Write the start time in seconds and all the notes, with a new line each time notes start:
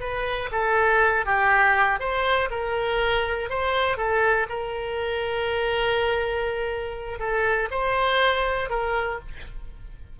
0.00 B4
0.51 A4
1.26 G4
2.00 C5
2.50 A#4
3.50 C5
3.97 A4
4.49 A#4
7.19 A4
7.71 C5
8.70 A#4